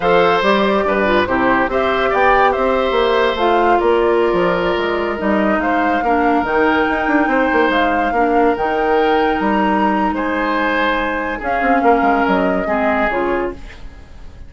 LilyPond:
<<
  \new Staff \with { instrumentName = "flute" } { \time 4/4 \tempo 4 = 142 f''4 d''2 c''4 | e''4 g''4 e''2 | f''4 d''2.~ | d''16 dis''4 f''2 g''8.~ |
g''2~ g''16 f''4.~ f''16~ | f''16 g''2 ais''4.~ ais''16 | gis''2. f''4~ | f''4 dis''2 cis''4 | }
  \new Staff \with { instrumentName = "oboe" } { \time 4/4 c''2 b'4 g'4 | c''4 d''4 c''2~ | c''4 ais'2.~ | ais'4~ ais'16 c''4 ais'4.~ ais'16~ |
ais'4~ ais'16 c''2 ais'8.~ | ais'1 | c''2. gis'4 | ais'2 gis'2 | }
  \new Staff \with { instrumentName = "clarinet" } { \time 4/4 a'4 g'4. f'8 e'4 | g'1 | f'1~ | f'16 dis'2 d'4 dis'8.~ |
dis'2.~ dis'16 d'8.~ | d'16 dis'2.~ dis'8.~ | dis'2. cis'4~ | cis'2 c'4 f'4 | }
  \new Staff \with { instrumentName = "bassoon" } { \time 4/4 f4 g4 g,4 c4 | c'4 b4 c'4 ais4 | a4 ais4~ ais16 f4 gis8.~ | gis16 g4 gis4 ais4 dis8.~ |
dis16 dis'8 d'8 c'8 ais8 gis4 ais8.~ | ais16 dis2 g4.~ g16 | gis2. cis'8 c'8 | ais8 gis8 fis4 gis4 cis4 | }
>>